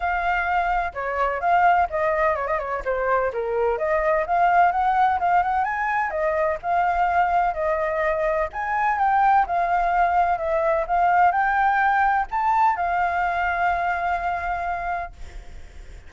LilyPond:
\new Staff \with { instrumentName = "flute" } { \time 4/4 \tempo 4 = 127 f''2 cis''4 f''4 | dis''4 cis''16 dis''16 cis''8 c''4 ais'4 | dis''4 f''4 fis''4 f''8 fis''8 | gis''4 dis''4 f''2 |
dis''2 gis''4 g''4 | f''2 e''4 f''4 | g''2 a''4 f''4~ | f''1 | }